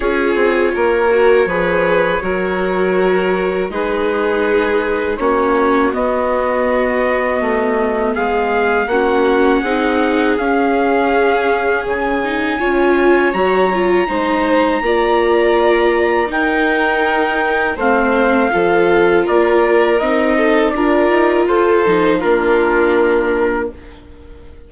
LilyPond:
<<
  \new Staff \with { instrumentName = "trumpet" } { \time 4/4 \tempo 4 = 81 cis''1~ | cis''4 b'2 cis''4 | dis''2. f''4 | fis''2 f''2 |
gis''2 ais''2~ | ais''2 g''2 | f''2 d''4 dis''4 | d''4 c''4 ais'2 | }
  \new Staff \with { instrumentName = "violin" } { \time 4/4 gis'4 ais'4 b'4 ais'4~ | ais'4 gis'2 fis'4~ | fis'2. gis'4 | fis'4 gis'2.~ |
gis'4 cis''2 c''4 | d''2 ais'2 | c''4 a'4 ais'4. a'8 | ais'4 a'4 f'2 | }
  \new Staff \with { instrumentName = "viola" } { \time 4/4 f'4. fis'8 gis'4 fis'4~ | fis'4 dis'2 cis'4 | b1 | cis'4 dis'4 cis'2~ |
cis'8 dis'8 f'4 fis'8 f'8 dis'4 | f'2 dis'2 | c'4 f'2 dis'4 | f'4. dis'8 d'2 | }
  \new Staff \with { instrumentName = "bassoon" } { \time 4/4 cis'8 c'8 ais4 f4 fis4~ | fis4 gis2 ais4 | b2 a4 gis4 | ais4 c'4 cis'2 |
cis4 cis'4 fis4 gis4 | ais2 dis'2 | a4 f4 ais4 c'4 | d'8 dis'8 f'8 f8 ais2 | }
>>